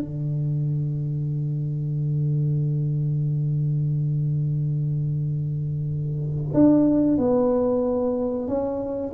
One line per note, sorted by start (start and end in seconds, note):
0.00 6.52 D3
6.54 7.18 D4
7.18 8.48 B3
8.48 9.13 C#4